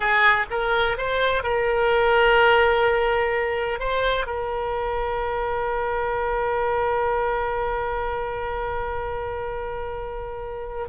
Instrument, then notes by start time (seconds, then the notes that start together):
oboe
0.00 G#4
0.50 A#4
0.97 C5
1.43 A#4
3.79 C5
4.26 A#4